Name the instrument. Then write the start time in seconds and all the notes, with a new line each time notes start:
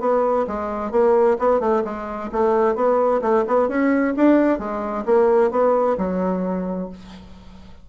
bassoon
0.00 B3
0.47 G#3
0.91 A#3
1.38 B3
1.60 A3
1.84 G#3
2.32 A3
2.75 B3
3.21 A3
3.47 B3
3.68 C#4
4.16 D4
4.58 G#3
5.05 A#3
5.51 B3
5.97 F#3